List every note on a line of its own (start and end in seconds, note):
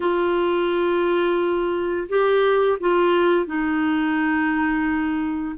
0.00 2.08 F4
2.08 2.78 G4
2.80 3.46 F4
3.46 5.55 D#4